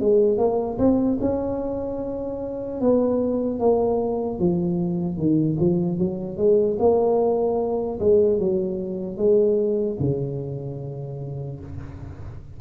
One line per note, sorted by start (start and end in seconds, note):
0.00 0.38 G#3
0.38 0.78 A#3
0.79 1.19 C4
1.21 2.81 C#4
2.81 3.60 B3
3.60 4.39 A#3
4.39 5.17 F3
5.17 5.57 D#3
5.60 5.98 F3
5.98 6.37 F#3
6.37 6.77 G#3
6.79 7.99 A#3
8.00 8.39 G#3
8.39 9.17 F#3
9.17 9.97 G#3
10.00 11.60 C#3